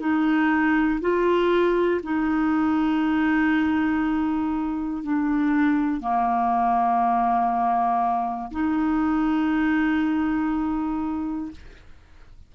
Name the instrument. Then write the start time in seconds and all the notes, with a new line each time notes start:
clarinet
0.00 D#4
1.01 F4
2.03 D#4
5.03 D4
6.00 A#3
8.51 D#4